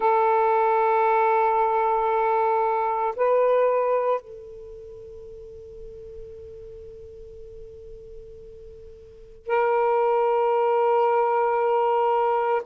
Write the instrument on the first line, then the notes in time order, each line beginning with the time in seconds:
saxophone
0.00 A4
3.16 B4
4.21 A4
9.46 A#4